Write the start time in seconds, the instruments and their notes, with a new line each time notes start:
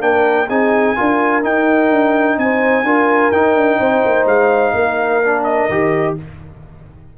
0.00 tuba A#3, trombone D4, horn A#4, trumpet G5
0.49 tuba C4, trombone D#4, horn G#4, trumpet G#5
0.96 tuba D4, trombone F4, horn A#4
1.43 trombone D#4, tuba D#4, trumpet G5
1.91 tuba D4
2.38 tuba C4, horn C5, trumpet G#5
2.84 tuba D4, trombone F4, horn A#4
3.32 tuba D#4, trombone D#4, trumpet G5
3.56 tuba D4
3.80 tuba C4, horn C5
4.06 tuba A#3
4.26 tuba G#3, trumpet F5
4.74 tuba A#3, horn A#4
5.24 trombone D4
5.44 trumpet D#5
5.69 tuba D#3, trombone G4